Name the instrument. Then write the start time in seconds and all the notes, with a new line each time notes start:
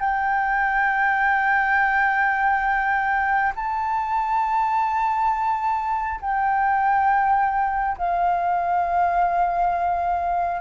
flute
0.00 G5
3.56 A5
6.21 G5
7.98 F5